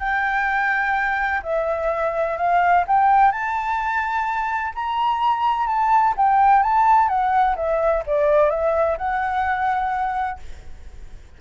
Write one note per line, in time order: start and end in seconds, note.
0.00 1.42 G5
1.43 2.38 E5
2.38 2.85 F5
2.88 3.32 G5
3.32 4.74 A5
4.75 5.67 A#5
5.67 6.14 A5
6.17 6.63 G5
6.63 7.09 A5
7.09 7.56 F#5
7.56 8.04 E5
8.07 8.51 D5
8.51 8.98 E5
8.98 10.40 F#5